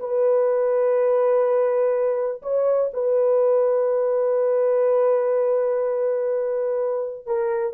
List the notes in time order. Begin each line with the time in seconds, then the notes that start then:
0.00 B4
2.42 C#5
2.93 B4
7.26 A#4